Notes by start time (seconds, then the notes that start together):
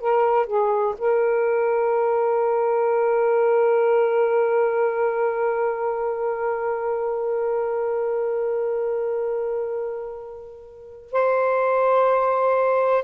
0.00 A#4
0.46 G#4
0.98 A#4
11.12 C5